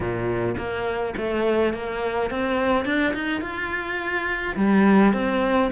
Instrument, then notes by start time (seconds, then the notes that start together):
cello
0.00 A#2
0.57 A#3
1.17 A3
1.73 A#3
2.30 C4
2.85 D4
3.14 D#4
3.41 F4
4.56 G3
5.13 C4